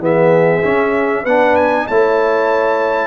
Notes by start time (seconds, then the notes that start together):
0.00 E3 B3 G#4 E5
0.64 C#4
1.23 B3 D4 B4 F#5
1.56 G#5
1.87 A3 E4 C#5 A5